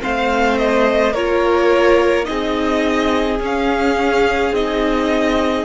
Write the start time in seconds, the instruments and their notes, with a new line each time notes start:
0.00 cello A3, viola C4, violin C5 F5
0.58 violin D#5
1.13 cello A#3, viola F4, violin A#4 C#5
2.24 cello C4, viola D#4, violin G#4 D#5
3.39 cello C#4, viola C#4, violin F5
4.52 cello C4, viola D#4, violin D#5